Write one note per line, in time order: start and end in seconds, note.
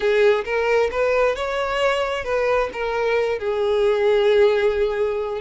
0.00 0.44 G#4
0.44 0.89 A#4
0.91 1.35 B4
1.35 2.24 C#5
2.24 2.69 B4
2.72 3.39 A#4
3.39 5.41 G#4